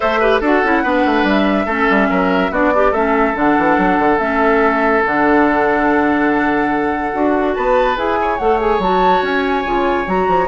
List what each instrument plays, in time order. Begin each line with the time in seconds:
0.00 bassoon A3, clarinet A4, oboe C5, flute E5
0.19 clarinet G4, oboe B4
0.40 bassoon D4, clarinet F#4, oboe A4, flute F#5
0.63 bassoon C#4, clarinet E4
0.82 bassoon B3, clarinet D4, oboe B4
1.05 bassoon A3
1.23 bassoon G3, flute E5
1.65 bassoon A3, clarinet C#4, oboe A4
1.90 bassoon G3
2.09 bassoon F#3, oboe A#4
2.50 bassoon B3, clarinet D4, oboe F#4, flute D5
2.73 oboe D4, clarinet G4
2.90 bassoon A3, clarinet C#4, oboe A4, flute E5
3.33 bassoon D3, clarinet D4, flute F#5
3.58 bassoon E3
3.77 bassoon F#3
3.99 bassoon D3
4.18 bassoon A3, clarinet C#4, flute E5
5.05 bassoon D3, clarinet D4, flute F#5
7.13 bassoon D4, clarinet F#4
7.54 bassoon B3, oboe B4, flute A5
7.95 bassoon E4, clarinet G#4, flute G#5
8.21 oboe C#5
8.37 bassoon A3, clarinet A4, flute F#5
8.60 clarinet G#4, flute G#5
8.79 bassoon F#3, clarinet F#4, flute A5
9.21 bassoon C#4, flute G#5
9.65 bassoon C#3, clarinet F4
10.05 bassoon F#3, clarinet F#4, flute A#5
10.28 bassoon F3